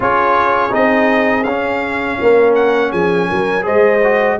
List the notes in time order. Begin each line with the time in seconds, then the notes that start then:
0.00 C#4 F4 G#4 C#5
0.70 C4 D#4 D#5
1.43 C#4 F5
2.20 A#3 A#4
2.55 F#5
2.91 F3 G#4 G#5
3.29 F#3 A#4
3.62 G#3 G#4 C5 D#5
4.03 F#4